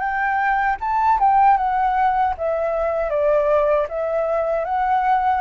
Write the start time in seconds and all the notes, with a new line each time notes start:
0.00 G5
0.81 A5
1.20 G5
1.58 F#5
2.38 E5
3.10 D5
3.89 E5
4.65 F#5